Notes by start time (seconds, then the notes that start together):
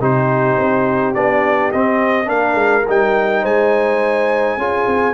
0.00 C3 D#4 G4 C5
0.58 C4
1.15 B3 D4 D5
1.72 C4 D#5
2.25 A#3 D4 A#4 F5
2.55 G#3
2.89 G3 D#4 G5
3.42 G#3 C5 G#5
4.58 C#4 F4 G#4
4.87 C4